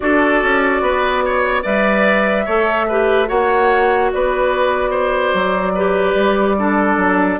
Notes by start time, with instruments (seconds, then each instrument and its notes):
0.00 bassoon D4, clarinet F#4, oboe A4, flute D5
0.42 bassoon C#4
0.81 bassoon B3, oboe B4
1.25 oboe C#5
1.62 bassoon G3, clarinet B4, oboe D5, flute E5
2.45 bassoon A3, clarinet A4, oboe C#5
2.88 clarinet G4, oboe B4
3.27 bassoon A#3, clarinet F#4, oboe C#5, flute F#5
4.12 bassoon B3, oboe B4, flute D5
4.90 oboe C5
5.34 bassoon F#3
5.74 clarinet G4, oboe B4
6.14 bassoon G3
6.58 clarinet D4, oboe A4
6.96 bassoon F#3